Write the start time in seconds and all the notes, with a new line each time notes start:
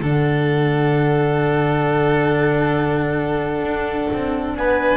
0.00 D3 D4 A4 F#5
3.62 D4
4.13 C4
4.56 B3 B4 G#5